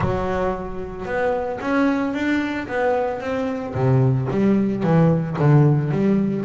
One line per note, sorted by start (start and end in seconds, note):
0.00 1.05 F#3
1.05 1.59 B3
1.60 2.13 C#4
2.13 2.67 D4
2.67 3.20 B3
3.20 3.74 C4
3.74 4.27 C3
4.30 4.83 G3
4.83 5.36 E3
5.38 5.91 D3
5.91 6.45 G3